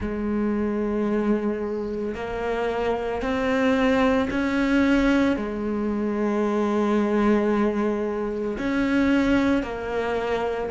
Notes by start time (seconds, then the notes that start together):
0.00 G#3
2.14 A#3
3.21 C4
4.30 C#4
5.36 G#3
8.58 C#4
9.62 A#3